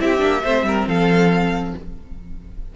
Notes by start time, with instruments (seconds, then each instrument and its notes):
0.00 cello C4, viola E4, violin G4 E5
0.18 cello A#3, viola D4
0.44 cello A3, viola C4, violin C5
0.63 cello G3, violin A#4
0.87 cello F3, violin A4 F5